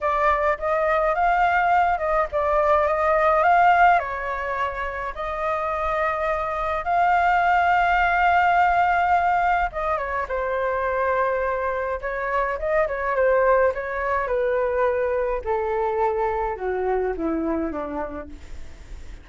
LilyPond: \new Staff \with { instrumentName = "flute" } { \time 4/4 \tempo 4 = 105 d''4 dis''4 f''4. dis''8 | d''4 dis''4 f''4 cis''4~ | cis''4 dis''2. | f''1~ |
f''4 dis''8 cis''8 c''2~ | c''4 cis''4 dis''8 cis''8 c''4 | cis''4 b'2 a'4~ | a'4 fis'4 e'4 d'4 | }